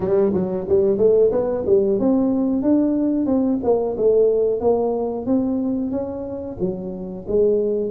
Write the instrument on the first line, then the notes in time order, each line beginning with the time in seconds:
tuba
0.00 G3
0.33 F#3
0.69 G3
0.97 A3
1.31 B3
1.66 G3
1.99 C4
2.62 D4
3.26 C4
3.63 A#3
3.97 A3
4.60 A#3
5.26 C4
5.91 C#4
6.59 F#3
7.27 G#3